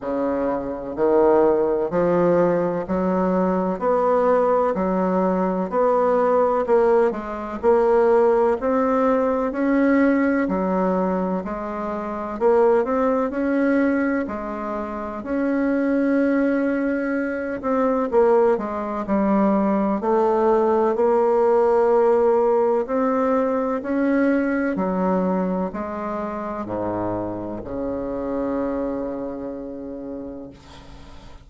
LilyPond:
\new Staff \with { instrumentName = "bassoon" } { \time 4/4 \tempo 4 = 63 cis4 dis4 f4 fis4 | b4 fis4 b4 ais8 gis8 | ais4 c'4 cis'4 fis4 | gis4 ais8 c'8 cis'4 gis4 |
cis'2~ cis'8 c'8 ais8 gis8 | g4 a4 ais2 | c'4 cis'4 fis4 gis4 | gis,4 cis2. | }